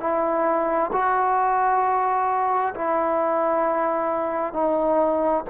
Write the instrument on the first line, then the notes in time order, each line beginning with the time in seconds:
trombone
0.00 E4
0.93 F#4
2.75 E4
4.53 D#4